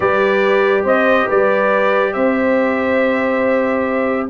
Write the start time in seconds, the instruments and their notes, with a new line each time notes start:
0.00 tuba G3, trombone G4, horn B4, trumpet D5
0.84 tuba C4, horn C5, trumpet D#5
1.27 tuba G3, horn B4, trumpet D5
2.13 tuba C4, horn C5, trumpet E5